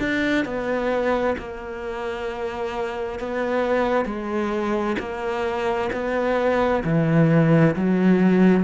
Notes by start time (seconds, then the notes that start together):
0.00 D4
0.45 B3
1.39 A#3
3.20 B3
4.06 G#3
5.00 A#3
5.93 B3
6.85 E3
7.76 F#3